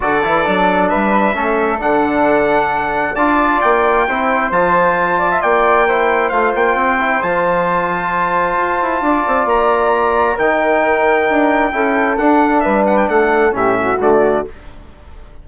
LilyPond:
<<
  \new Staff \with { instrumentName = "trumpet" } { \time 4/4 \tempo 4 = 133 d''2 e''2 | fis''2. a''4 | g''2 a''2 | g''2 f''8 g''4. |
a''1~ | a''4 ais''2 g''4~ | g''2. fis''4 | e''8 fis''16 g''16 fis''4 e''4 d''4 | }
  \new Staff \with { instrumentName = "flute" } { \time 4/4 a'2 b'4 a'4~ | a'2. d''4~ | d''4 c''2~ c''8 d''16 e''16 | d''4 c''2.~ |
c''1 | d''2. ais'4~ | ais'2 a'2 | b'4 a'4 g'8 fis'4. | }
  \new Staff \with { instrumentName = "trombone" } { \time 4/4 fis'8 e'8 d'2 cis'4 | d'2. f'4~ | f'4 e'4 f'2~ | f'4 e'4 f'4. e'8 |
f'1~ | f'2. dis'4~ | dis'2 e'4 d'4~ | d'2 cis'4 a4 | }
  \new Staff \with { instrumentName = "bassoon" } { \time 4/4 d8 e8 fis4 g4 a4 | d2. d'4 | ais4 c'4 f2 | ais2 a8 ais8 c'4 |
f2. f'8 e'8 | d'8 c'8 ais2 dis4~ | dis4 d'4 cis'4 d'4 | g4 a4 a,4 d4 | }
>>